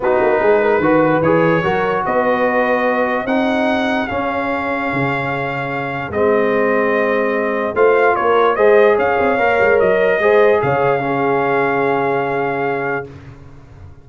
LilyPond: <<
  \new Staff \with { instrumentName = "trumpet" } { \time 4/4 \tempo 4 = 147 b'2. cis''4~ | cis''4 dis''2. | fis''2 f''2~ | f''2. dis''4~ |
dis''2. f''4 | cis''4 dis''4 f''2 | dis''2 f''2~ | f''1 | }
  \new Staff \with { instrumentName = "horn" } { \time 4/4 fis'4 gis'8 ais'8 b'2 | ais'4 b'2. | gis'1~ | gis'1~ |
gis'2. c''4 | ais'4 c''4 cis''2~ | cis''4 c''4 cis''4 gis'4~ | gis'1 | }
  \new Staff \with { instrumentName = "trombone" } { \time 4/4 dis'2 fis'4 gis'4 | fis'1 | dis'2 cis'2~ | cis'2. c'4~ |
c'2. f'4~ | f'4 gis'2 ais'4~ | ais'4 gis'2 cis'4~ | cis'1 | }
  \new Staff \with { instrumentName = "tuba" } { \time 4/4 b8 ais8 gis4 dis4 e4 | fis4 b2. | c'2 cis'2 | cis2. gis4~ |
gis2. a4 | ais4 gis4 cis'8 c'8 ais8 gis8 | fis4 gis4 cis2~ | cis1 | }
>>